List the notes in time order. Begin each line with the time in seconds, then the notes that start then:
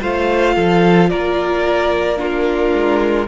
0.00 A3 F4 C5 F5
0.55 F3 A4
1.09 A#3 A#4 D5
2.16 D4 F4 A#4
2.73 G#3